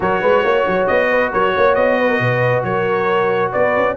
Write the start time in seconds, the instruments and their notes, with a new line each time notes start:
0.00 tuba F#3, trombone F#4, horn A#4, trumpet C#5
0.21 tuba G#3, horn B4
0.41 tuba A#3, horn C#5
0.66 tuba F#3
0.86 tuba B3, trumpet D#5
1.09 horn B4
1.31 tuba F#3, horn A#4, trumpet C#5
1.55 tuba A#3, horn C#5
1.75 tuba B3, trumpet D#5
1.99 horn B4
2.09 horn A#4
2.19 tuba B2, horn B4
2.63 tuba F#3, horn A#4, trumpet C#5
3.51 tuba B3, horn B4, trumpet D5
3.76 tuba C#4